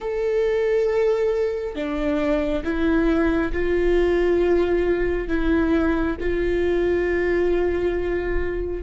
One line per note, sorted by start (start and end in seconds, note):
0.00 1.74 A4
1.74 2.63 D4
2.64 3.52 E4
3.52 5.27 F4
5.27 6.16 E4
6.20 8.82 F4